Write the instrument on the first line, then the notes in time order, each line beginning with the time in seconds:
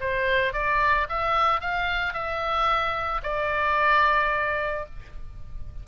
oboe
0.00 C5
0.53 D5
1.09 E5
1.61 F5
2.13 E5
3.23 D5